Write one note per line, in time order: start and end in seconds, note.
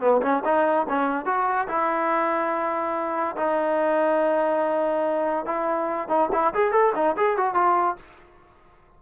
0.00 0.21 B3
0.22 0.43 C#4
0.44 0.86 D#4
0.88 1.25 C#4
1.25 1.67 F#4
1.68 3.36 E4
3.36 5.45 D#4
5.45 6.08 E4
6.08 6.29 D#4
6.32 6.53 E4
6.54 6.72 G#4
6.72 6.92 A4
6.95 7.16 D#4
7.16 7.37 G#4
7.37 7.54 F#4
7.54 7.96 F4